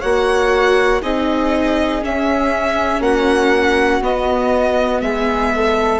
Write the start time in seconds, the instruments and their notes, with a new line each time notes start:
0.00 bassoon A#3, viola F#4, flute C#5, violin F#5
1.01 bassoon C4, viola D#4, flute G#4, violin D#5
2.01 viola C#4, bassoon C#4, violin E5
3.00 bassoon A#3, flute F#4, violin F#5
4.01 viola B3, bassoon B3, violin D#5
5.01 bassoon G#3, flute G#4, violin E5
5.55 flute A4